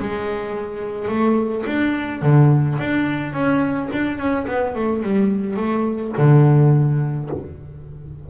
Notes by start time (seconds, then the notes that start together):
0.00 G#3
1.09 A3
1.67 D4
2.23 D3
2.79 D4
3.33 C#4
3.93 D4
4.19 C#4
4.47 B3
4.76 A3
5.03 G3
5.57 A3
6.18 D3